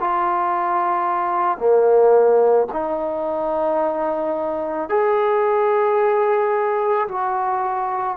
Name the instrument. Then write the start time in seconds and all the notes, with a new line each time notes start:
trombone
0.00 F4
1.58 A#3
2.72 D#4
4.89 G#4
7.08 F#4